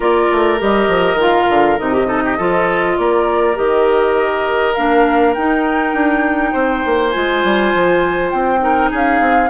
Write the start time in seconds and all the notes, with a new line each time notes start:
0.00 A#3 F4 A#4 D5
0.31 A3
0.58 G3 G4 D#5
0.88 F3
1.14 D#3 F4
1.20 F5
1.49 D3
1.78 C3 D#4 D#5
1.93 G4
2.07 D#4 A4
2.24 G4
2.37 F3 F4 A4
2.97 A#3 A#4 D5
3.55 D#3 G4 D#5
4.74 A#3 D4 F5
5.34 D#4 G5
5.93 D4
6.52 C4 C5
6.85 A#3
7.10 G#3 F4 G#5
7.44 G3
7.74 F3
8.30 C4 G5
8.59 D#4 A#4
8.90 C#4 G#4 F5
9.20 C4